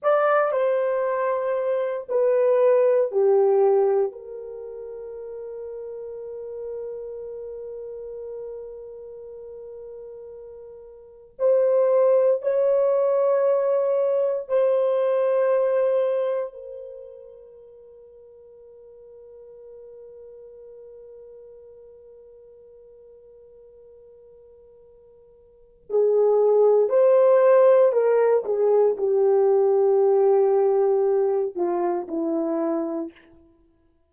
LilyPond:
\new Staff \with { instrumentName = "horn" } { \time 4/4 \tempo 4 = 58 d''8 c''4. b'4 g'4 | ais'1~ | ais'2. c''4 | cis''2 c''2 |
ais'1~ | ais'1~ | ais'4 gis'4 c''4 ais'8 gis'8 | g'2~ g'8 f'8 e'4 | }